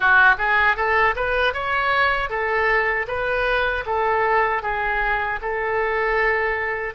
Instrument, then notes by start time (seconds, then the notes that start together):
oboe
0.00 F#4
0.37 G#4
0.76 A4
1.15 B4
1.53 C#5
2.29 A4
3.07 B4
3.86 A4
4.62 G#4
5.41 A4